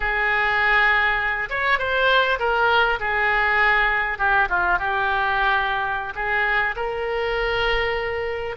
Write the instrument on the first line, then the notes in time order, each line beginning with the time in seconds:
oboe
0.00 G#4
1.49 C#5
1.78 C5
2.39 A#4
2.99 G#4
4.18 G4
4.49 F4
4.78 G4
6.15 G#4
6.76 A#4